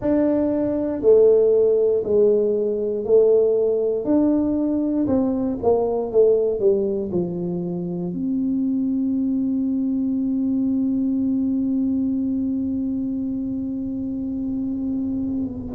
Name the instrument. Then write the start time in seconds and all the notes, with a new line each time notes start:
tuba
0.00 D4
1.01 A3
2.03 G#3
3.05 A3
4.04 D4
5.07 C4
5.62 A#3
6.11 A3
6.59 G3
7.11 F3
8.13 C4